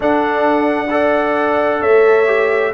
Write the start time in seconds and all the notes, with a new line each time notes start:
0.00 D4 A4 F#5
0.90 A4 D5
1.80 A3 C#5 E5
2.26 G4